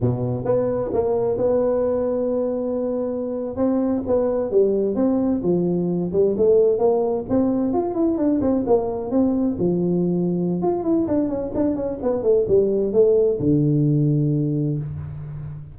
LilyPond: \new Staff \with { instrumentName = "tuba" } { \time 4/4 \tempo 4 = 130 b,4 b4 ais4 b4~ | b2.~ b8. c'16~ | c'8. b4 g4 c'4 f16~ | f4~ f16 g8 a4 ais4 c'16~ |
c'8. f'8 e'8 d'8 c'8 ais4 c'16~ | c'8. f2~ f16 f'8 e'8 | d'8 cis'8 d'8 cis'8 b8 a8 g4 | a4 d2. | }